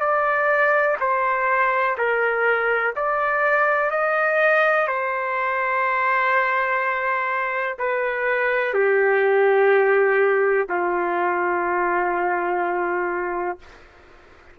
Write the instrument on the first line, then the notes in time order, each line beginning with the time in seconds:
trumpet
0.00 D5
1.00 C5
1.98 A#4
2.96 D5
3.90 D#5
4.87 C5
7.78 B4
8.74 G4
10.68 F4